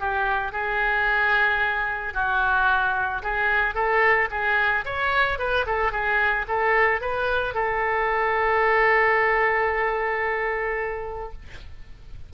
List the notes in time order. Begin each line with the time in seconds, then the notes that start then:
0.00 G4
0.52 G#4
2.14 F#4
3.22 G#4
3.75 A4
4.30 G#4
4.85 C#5
5.39 B4
5.66 A4
5.92 G#4
6.48 A4
7.01 B4
7.54 A4